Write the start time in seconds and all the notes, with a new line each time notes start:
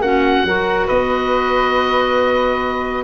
0.00 A#3 C#4 F#4 F#5
0.44 F#3 F#4 A#4
0.86 B3 B4 D#5